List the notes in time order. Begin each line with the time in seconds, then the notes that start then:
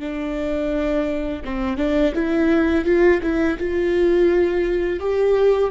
0.00 D4
1.44 C4
1.77 D4
2.15 E4
2.85 F4
3.22 E4
3.58 F4
5.00 G4